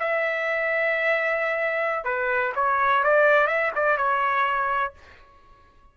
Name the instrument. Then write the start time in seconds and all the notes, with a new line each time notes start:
trumpet
0.00 E5
2.05 B4
2.56 C#5
3.04 D5
3.48 E5
3.76 D5
3.97 C#5